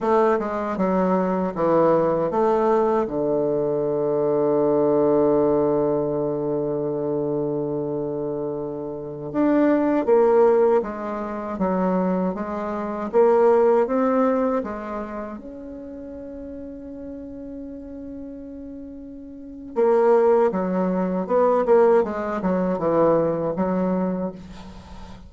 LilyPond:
\new Staff \with { instrumentName = "bassoon" } { \time 4/4 \tempo 4 = 79 a8 gis8 fis4 e4 a4 | d1~ | d1~ | d16 d'4 ais4 gis4 fis8.~ |
fis16 gis4 ais4 c'4 gis8.~ | gis16 cis'2.~ cis'8.~ | cis'2 ais4 fis4 | b8 ais8 gis8 fis8 e4 fis4 | }